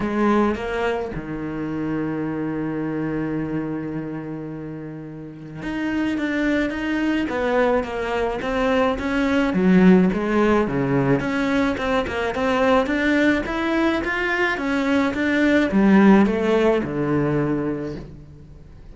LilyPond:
\new Staff \with { instrumentName = "cello" } { \time 4/4 \tempo 4 = 107 gis4 ais4 dis2~ | dis1~ | dis2 dis'4 d'4 | dis'4 b4 ais4 c'4 |
cis'4 fis4 gis4 cis4 | cis'4 c'8 ais8 c'4 d'4 | e'4 f'4 cis'4 d'4 | g4 a4 d2 | }